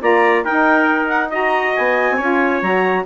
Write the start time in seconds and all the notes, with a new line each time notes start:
0.00 A#3 F4 D5 A#5
0.44 D#4 A#4 G5
1.08 F#5
1.30 F#4 D#5 A#5
1.76 B3 G#5
2.10 C4
2.17 C#4 F4 C#5
2.62 F#3 F#4 A#5